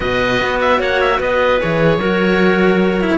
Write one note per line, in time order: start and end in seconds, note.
0.00 0.41 B2
0.00 1.57 F#4
0.00 0.78 B4
0.00 0.59 D#5
0.41 0.79 B3
0.60 0.80 E5
0.78 1.19 A#3
0.78 1.18 C#5
0.78 1.00 F#5
1.00 1.20 E5
1.18 1.60 B3
1.18 1.98 B4
1.18 1.60 D#5
1.59 1.97 E3
1.59 1.99 G#4
1.59 3.18 C#5
1.97 3.17 F#3
1.97 3.00 F#4
1.97 3.18 A#4
3.00 3.18 E4